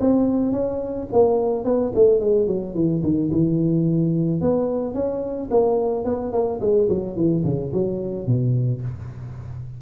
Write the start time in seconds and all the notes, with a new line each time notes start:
0.00 C4
0.52 C#4
1.12 A#3
1.64 B3
1.95 A3
2.20 G#3
2.47 F#3
2.75 E3
3.03 D#3
3.32 E3
4.41 B3
4.94 C#4
5.50 A#3
6.05 B3
6.32 A#3
6.61 G#3
6.89 F#3
7.16 E3
7.44 C#3
7.73 F#3
8.26 B2